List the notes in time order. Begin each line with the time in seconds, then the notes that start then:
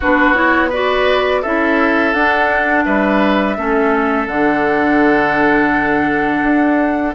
0.00 B3 D4 F#4 B4
0.34 E4 C#5
0.69 F#4 B4 D5
1.41 C#4 E4 A4 E5
2.13 D4 F#5
2.84 G3 B4 E5
3.57 A3 C#4 A4
4.27 D3 D4 F#5
6.42 D4